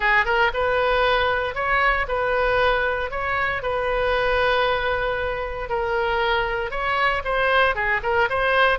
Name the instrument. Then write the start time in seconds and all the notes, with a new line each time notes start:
oboe
0.00 G#4
0.25 A#4
0.53 B4
1.54 C#5
2.07 B4
3.10 C#5
3.62 B4
5.69 A#4
6.71 C#5
7.24 C5
7.75 G#4
8.02 A#4
8.29 C5